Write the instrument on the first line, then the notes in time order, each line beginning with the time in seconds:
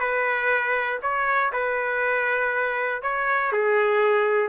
trumpet
0.00 B4
1.02 C#5
1.53 B4
3.02 C#5
3.52 G#4